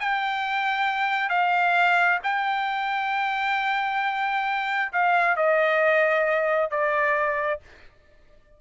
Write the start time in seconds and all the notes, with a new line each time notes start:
0.00 G5
1.29 F5
2.23 G5
4.93 F5
5.36 D#5
6.70 D5